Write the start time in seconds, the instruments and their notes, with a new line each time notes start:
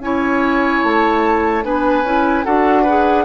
0.00 bassoon C#4, clarinet E4, oboe C#5, flute G#5
0.83 bassoon A3, flute A5
1.63 bassoon B3, clarinet D4, oboe B4, flute G#5
2.04 bassoon C#4, clarinet E4
2.45 bassoon D4, clarinet F#4, oboe A4, flute F#5
2.83 clarinet G#4, oboe B4